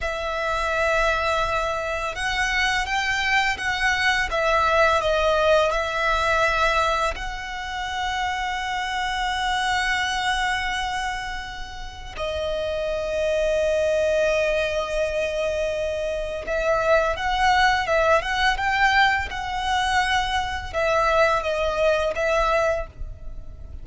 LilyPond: \new Staff \with { instrumentName = "violin" } { \time 4/4 \tempo 4 = 84 e''2. fis''4 | g''4 fis''4 e''4 dis''4 | e''2 fis''2~ | fis''1~ |
fis''4 dis''2.~ | dis''2. e''4 | fis''4 e''8 fis''8 g''4 fis''4~ | fis''4 e''4 dis''4 e''4 | }